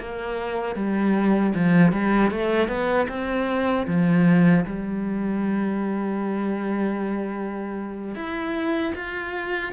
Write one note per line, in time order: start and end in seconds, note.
0.00 0.75 A#3
0.75 1.53 G3
1.55 1.92 F3
1.92 2.31 G3
2.31 2.68 A3
2.68 3.07 B3
3.09 3.87 C4
3.87 4.65 F3
4.66 8.15 G3
8.15 8.93 E4
8.95 9.73 F4